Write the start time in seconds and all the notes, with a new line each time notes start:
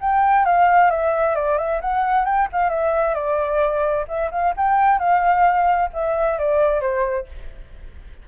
0.00 G5
0.45 F5
0.90 E5
1.35 D5
1.58 E5
1.81 F#5
2.25 G5
2.52 F5
2.69 E5
3.14 D5
4.07 E5
4.31 F5
4.57 G5
4.98 F5
5.93 E5
6.38 D5
6.81 C5